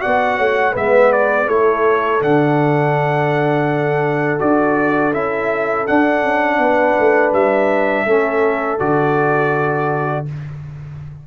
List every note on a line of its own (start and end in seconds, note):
0.00 0.39 B3
0.00 0.73 F#4
0.00 0.38 D5
0.00 0.75 F#5
0.38 0.75 A3
0.38 0.72 C#5
0.72 1.48 G#3
0.72 1.47 B3
0.72 1.45 B4
0.72 1.12 E5
1.12 1.48 D5
1.46 2.21 A3
1.46 2.20 E4
1.46 6.59 A4
1.46 2.21 C#5
2.20 4.40 D3
2.20 4.39 D4
2.20 4.40 F#5
4.39 5.13 D4
4.39 5.12 F#4
4.39 5.13 D5
5.13 5.87 C#4
5.13 5.87 E4
5.13 5.87 E5
5.87 8.07 D4
5.87 6.23 D4
5.87 7.33 F#5
6.23 6.58 C#4
6.58 6.95 B3
6.58 8.07 B4
6.99 7.32 A3
7.32 8.05 G3
7.32 8.79 E5
8.06 8.79 A3
8.06 8.79 C#4
8.06 10.26 A4
8.79 10.27 D3
8.79 10.25 F#4
8.79 10.26 D5